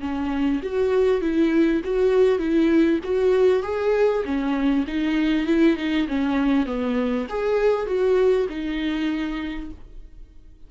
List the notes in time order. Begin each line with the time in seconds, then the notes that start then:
0.00 C#4
0.63 F#4
1.21 E4
1.84 F#4
2.39 E4
3.04 F#4
3.63 G#4
4.24 C#4
4.87 D#4
5.46 E4
5.77 D#4
6.07 C#4
6.66 B3
7.29 G#4
7.86 F#4
8.49 D#4